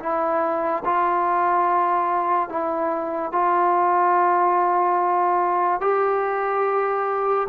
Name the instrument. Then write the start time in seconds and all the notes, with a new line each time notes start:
trombone
0.00 E4
0.85 F4
2.50 E4
3.32 F4
5.81 G4